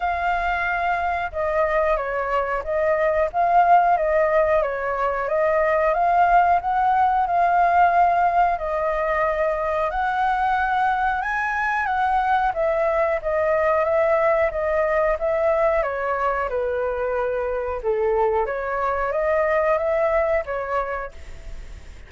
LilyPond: \new Staff \with { instrumentName = "flute" } { \time 4/4 \tempo 4 = 91 f''2 dis''4 cis''4 | dis''4 f''4 dis''4 cis''4 | dis''4 f''4 fis''4 f''4~ | f''4 dis''2 fis''4~ |
fis''4 gis''4 fis''4 e''4 | dis''4 e''4 dis''4 e''4 | cis''4 b'2 a'4 | cis''4 dis''4 e''4 cis''4 | }